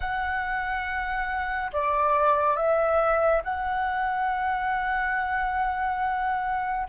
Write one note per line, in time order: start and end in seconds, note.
0.00 1.71 F#5
1.72 2.56 D5
2.56 3.42 E5
3.44 6.86 F#5